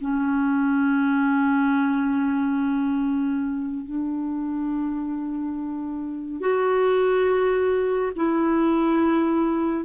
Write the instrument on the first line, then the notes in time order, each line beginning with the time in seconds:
clarinet
0.00 C#4
3.85 D4
6.41 F#4
8.15 E4